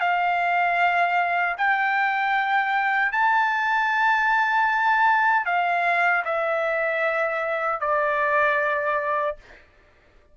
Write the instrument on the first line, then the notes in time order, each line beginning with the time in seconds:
trumpet
0.00 F5
1.58 G5
3.12 A5
5.46 F5
6.25 E5
7.81 D5